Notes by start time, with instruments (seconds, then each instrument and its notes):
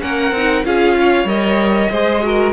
0.00 cello A#3, viola C#4, violin A#4 F#5
0.31 cello C4, viola D#4
0.64 cello C#4, viola F4, violin G#4 F5
0.99 violin C#5
1.24 cello G3, viola A#4, violin D#5
1.91 cello G#3, viola G#4, violin C5
2.22 viola F#4, violin A#4